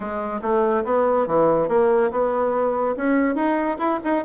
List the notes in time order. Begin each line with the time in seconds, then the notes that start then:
0.00 G#3
0.41 A3
0.84 B3
1.26 E3
1.68 A#3
2.11 B3
2.96 C#4
3.35 D#4
3.78 E4
4.04 D#4